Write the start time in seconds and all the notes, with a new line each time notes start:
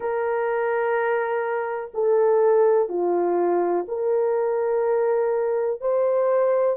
0.00 A#4
1.94 A4
2.89 F4
3.88 A#4
5.80 C5